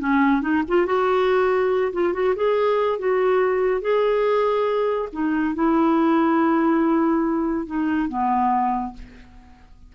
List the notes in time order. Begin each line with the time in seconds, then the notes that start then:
0.00 C#4
0.42 D#4
0.68 F4
0.86 F#4
1.93 F4
2.14 F#4
2.36 G#4
2.99 F#4
3.82 G#4
5.13 D#4
5.55 E4
7.67 D#4
8.09 B3